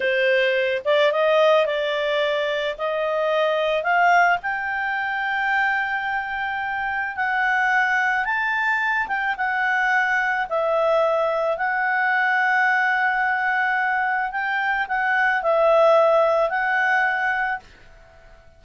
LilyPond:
\new Staff \with { instrumentName = "clarinet" } { \time 4/4 \tempo 4 = 109 c''4. d''8 dis''4 d''4~ | d''4 dis''2 f''4 | g''1~ | g''4 fis''2 a''4~ |
a''8 g''8 fis''2 e''4~ | e''4 fis''2.~ | fis''2 g''4 fis''4 | e''2 fis''2 | }